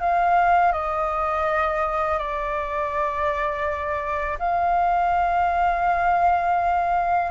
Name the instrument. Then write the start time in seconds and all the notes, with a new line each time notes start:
flute
0.00 F5
0.72 D#5
2.18 D5
4.38 F5